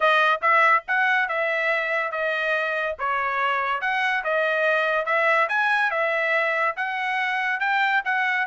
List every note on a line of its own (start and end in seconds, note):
0.00 0.40 D#5
0.41 0.83 E5
0.87 1.28 F#5
1.28 2.11 E5
2.11 2.96 D#5
2.98 3.81 C#5
3.81 4.23 F#5
4.24 5.05 D#5
5.05 5.48 E5
5.48 5.90 G#5
5.90 6.75 E5
6.76 7.60 F#5
7.60 8.02 G5
8.05 8.46 F#5